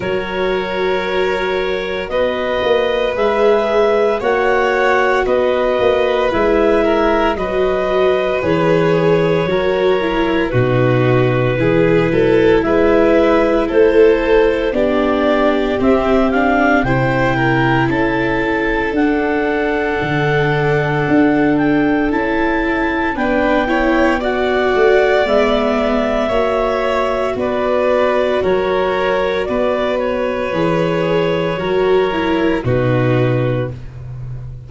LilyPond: <<
  \new Staff \with { instrumentName = "clarinet" } { \time 4/4 \tempo 4 = 57 cis''2 dis''4 e''4 | fis''4 dis''4 e''4 dis''4 | cis''2 b'2 | e''4 c''4 d''4 e''8 f''8 |
g''4 a''4 fis''2~ | fis''8 g''8 a''4 g''4 fis''4 | e''2 d''4 cis''4 | d''8 cis''2~ cis''8 b'4 | }
  \new Staff \with { instrumentName = "violin" } { \time 4/4 ais'2 b'2 | cis''4 b'4. ais'8 b'4~ | b'4 ais'4 fis'4 gis'8 a'8 | b'4 a'4 g'2 |
c''8 ais'8 a'2.~ | a'2 b'8 cis''8 d''4~ | d''4 cis''4 b'4 ais'4 | b'2 ais'4 fis'4 | }
  \new Staff \with { instrumentName = "viola" } { \time 4/4 fis'2. gis'4 | fis'2 e'4 fis'4 | gis'4 fis'8 e'8 dis'4 e'4~ | e'2 d'4 c'8 d'8 |
e'2 d'2~ | d'4 e'4 d'8 e'8 fis'4 | b4 fis'2.~ | fis'4 gis'4 fis'8 e'8 dis'4 | }
  \new Staff \with { instrumentName = "tuba" } { \time 4/4 fis2 b8 ais8 gis4 | ais4 b8 ais8 gis4 fis4 | e4 fis4 b,4 e8 fis8 | gis4 a4 b4 c'4 |
c4 cis'4 d'4 d4 | d'4 cis'4 b4. a8 | gis4 ais4 b4 fis4 | b4 e4 fis4 b,4 | }
>>